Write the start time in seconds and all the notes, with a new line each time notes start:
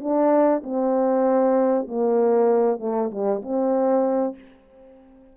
0.00 D4
0.63 C4
1.87 A#3
2.79 A3
3.10 G3
3.42 C4